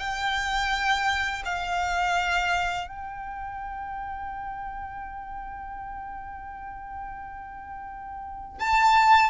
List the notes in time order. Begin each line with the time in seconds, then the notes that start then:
0.00 G5
1.45 F5
2.88 G5
8.60 A5